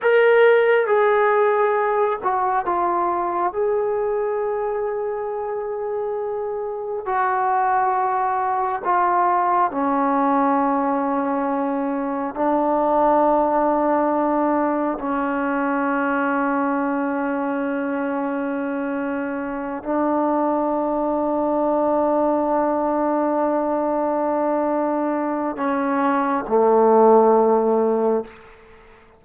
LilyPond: \new Staff \with { instrumentName = "trombone" } { \time 4/4 \tempo 4 = 68 ais'4 gis'4. fis'8 f'4 | gis'1 | fis'2 f'4 cis'4~ | cis'2 d'2~ |
d'4 cis'2.~ | cis'2~ cis'8 d'4.~ | d'1~ | d'4 cis'4 a2 | }